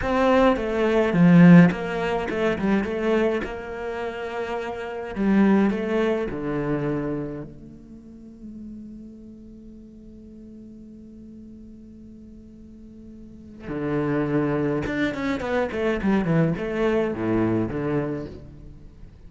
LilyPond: \new Staff \with { instrumentName = "cello" } { \time 4/4 \tempo 4 = 105 c'4 a4 f4 ais4 | a8 g8 a4 ais2~ | ais4 g4 a4 d4~ | d4 a2.~ |
a1~ | a1 | d2 d'8 cis'8 b8 a8 | g8 e8 a4 a,4 d4 | }